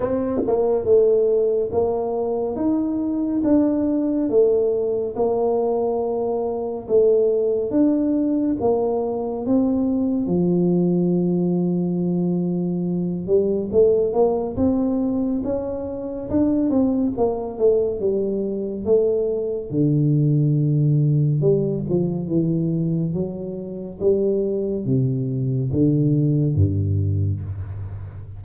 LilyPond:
\new Staff \with { instrumentName = "tuba" } { \time 4/4 \tempo 4 = 70 c'8 ais8 a4 ais4 dis'4 | d'4 a4 ais2 | a4 d'4 ais4 c'4 | f2.~ f8 g8 |
a8 ais8 c'4 cis'4 d'8 c'8 | ais8 a8 g4 a4 d4~ | d4 g8 f8 e4 fis4 | g4 c4 d4 g,4 | }